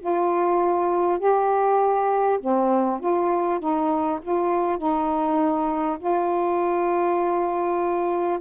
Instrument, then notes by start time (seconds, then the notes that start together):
saxophone
0.00 F4
1.19 G4
2.40 C4
3.00 F4
3.59 D#4
4.22 F4
4.78 D#4
5.99 F4